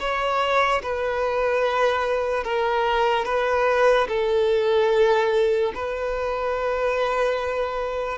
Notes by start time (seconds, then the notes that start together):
0.00 C#5
0.83 B4
2.44 A#4
3.25 B4
4.09 A4
5.75 B4